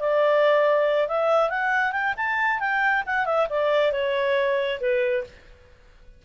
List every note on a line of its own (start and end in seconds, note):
0.00 1.09 D5
1.09 1.50 E5
1.50 1.93 F#5
1.93 2.14 G5
2.17 2.60 A5
2.60 3.04 G5
3.07 3.26 F#5
3.26 3.48 E5
3.50 3.93 D5
3.93 4.80 C#5
4.81 5.25 B4